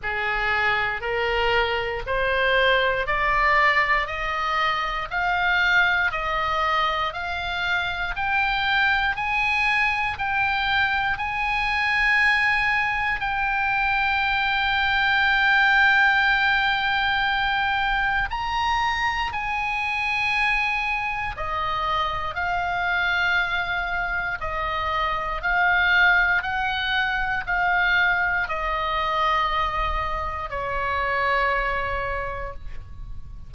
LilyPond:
\new Staff \with { instrumentName = "oboe" } { \time 4/4 \tempo 4 = 59 gis'4 ais'4 c''4 d''4 | dis''4 f''4 dis''4 f''4 | g''4 gis''4 g''4 gis''4~ | gis''4 g''2.~ |
g''2 ais''4 gis''4~ | gis''4 dis''4 f''2 | dis''4 f''4 fis''4 f''4 | dis''2 cis''2 | }